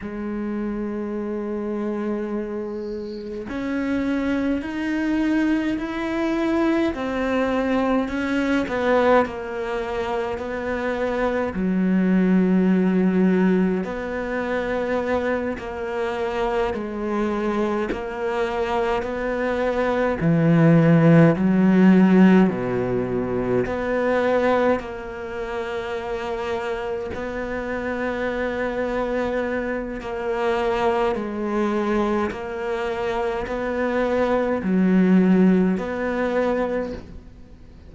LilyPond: \new Staff \with { instrumentName = "cello" } { \time 4/4 \tempo 4 = 52 gis2. cis'4 | dis'4 e'4 c'4 cis'8 b8 | ais4 b4 fis2 | b4. ais4 gis4 ais8~ |
ais8 b4 e4 fis4 b,8~ | b,8 b4 ais2 b8~ | b2 ais4 gis4 | ais4 b4 fis4 b4 | }